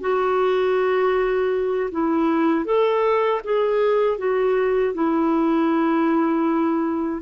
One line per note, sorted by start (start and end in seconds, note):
0.00 1.90 F#4
1.91 2.65 E4
2.65 3.41 A4
3.44 4.18 G#4
4.18 4.94 F#4
4.94 7.21 E4